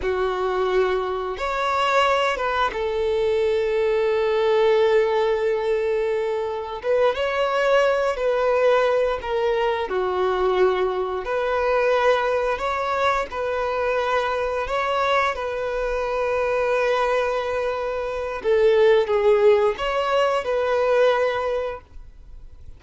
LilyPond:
\new Staff \with { instrumentName = "violin" } { \time 4/4 \tempo 4 = 88 fis'2 cis''4. b'8 | a'1~ | a'2 b'8 cis''4. | b'4. ais'4 fis'4.~ |
fis'8 b'2 cis''4 b'8~ | b'4. cis''4 b'4.~ | b'2. a'4 | gis'4 cis''4 b'2 | }